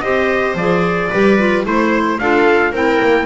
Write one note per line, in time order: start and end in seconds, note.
0.00 0.55 C4
0.00 0.56 G4
0.00 1.10 C5
0.00 0.54 D#5
0.55 1.09 F3
0.55 1.12 G#4
0.55 1.65 D5
1.10 1.65 G3
1.10 1.38 G4
1.10 1.64 B4
1.38 1.64 F4
1.64 2.19 A3
1.64 2.18 E4
1.64 2.19 C5
1.64 2.20 C5
2.19 2.72 D4
2.19 2.74 F4
2.19 2.72 A4
2.19 2.73 F5
2.72 2.99 C4
2.72 3.25 E4
2.72 3.25 A#4
2.72 3.25 G5
3.02 3.25 A#3